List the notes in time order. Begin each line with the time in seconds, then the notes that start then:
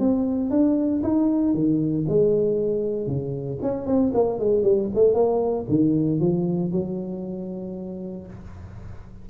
0.00 C4
0.51 D4
1.04 D#4
1.54 D#3
2.09 G#3
3.08 C#3
3.63 C#4
3.87 C4
4.14 A#3
4.40 G#3
4.63 G3
4.95 A3
5.14 A#3
5.69 D#3
6.20 F3
6.72 F#3